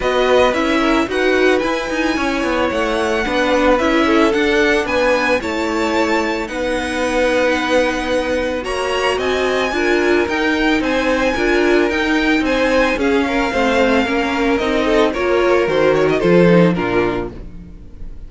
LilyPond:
<<
  \new Staff \with { instrumentName = "violin" } { \time 4/4 \tempo 4 = 111 dis''4 e''4 fis''4 gis''4~ | gis''4 fis''2 e''4 | fis''4 gis''4 a''2 | fis''1 |
ais''4 gis''2 g''4 | gis''2 g''4 gis''4 | f''2. dis''4 | cis''4 c''8 cis''16 dis''16 c''4 ais'4 | }
  \new Staff \with { instrumentName = "violin" } { \time 4/4 b'4. ais'8 b'2 | cis''2 b'4. a'8~ | a'4 b'4 cis''2 | b'1 |
cis''4 dis''4 ais'2 | c''4 ais'2 c''4 | gis'8 ais'8 c''4 ais'4. a'8 | ais'2 a'4 f'4 | }
  \new Staff \with { instrumentName = "viola" } { \time 4/4 fis'4 e'4 fis'4 e'4~ | e'2 d'4 e'4 | d'2 e'2 | dis'1 |
fis'2 f'4 dis'4~ | dis'4 f'4 dis'2 | cis'4 c'4 cis'4 dis'4 | f'4 fis'4 f'8 dis'8 d'4 | }
  \new Staff \with { instrumentName = "cello" } { \time 4/4 b4 cis'4 dis'4 e'8 dis'8 | cis'8 b8 a4 b4 cis'4 | d'4 b4 a2 | b1 |
ais4 c'4 d'4 dis'4 | c'4 d'4 dis'4 c'4 | cis'4 a4 ais4 c'4 | ais4 dis4 f4 ais,4 | }
>>